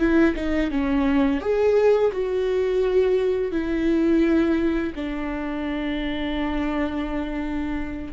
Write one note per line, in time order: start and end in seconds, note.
0.00 0.35 E4
0.36 0.71 D#4
0.71 1.41 C#4
1.41 2.12 G#4
2.12 3.52 F#4
3.52 4.93 E4
4.96 8.13 D4